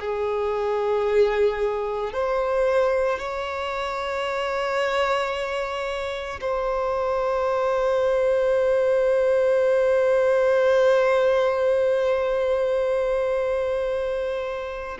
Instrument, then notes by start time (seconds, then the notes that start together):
violin
0.00 G#4
2.13 C5
3.19 C#5
6.41 C5